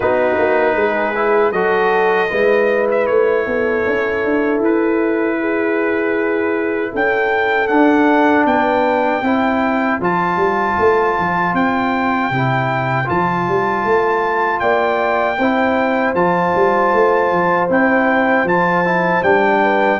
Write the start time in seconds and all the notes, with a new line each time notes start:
0.00 B3 D#4 F#4 B4
0.38 A#3
0.75 G#3 G#4
1.14 E4
1.52 F#3 F#4 A4 D#5
2.27 G#3 E4 B4
2.91 E5
3.06 A3 C#5
3.46 B3 A4
3.86 C#4
4.24 D4
4.60 E4 B4
5.40 G#4
6.91 C#4 A4 G5
7.67 D4 F#5
8.45 B3 B4 G5
9.22 C4 E4 C5
10.00 F3 F4 A5
10.36 G3
10.78 A3
11.19 F3
11.53 C4 G5
12.30 C3 E4
13.05 F3 F4 A5
13.48 G3
13.84 A3
14.59 A#3 D5 G5
15.38 C4 E4 C5
16.14 F3 F4 A5
16.55 G3
16.93 A3
17.32 F3
17.69 C4 E4 G5
18.44 F3 F4 A5
18.84 E4
19.22 G3 D4 G5
19.62 B4